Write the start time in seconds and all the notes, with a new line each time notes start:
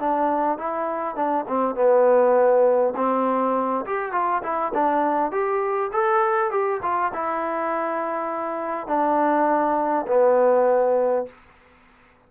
0.00 D4
0.58 E4
1.16 D4
1.48 C4
1.76 B3
2.96 C4
3.86 G4
4.12 F4
4.43 E4
4.74 D4
5.32 G4
5.92 A4
6.51 G4
6.82 F4
7.14 E4
8.88 D4
10.07 B3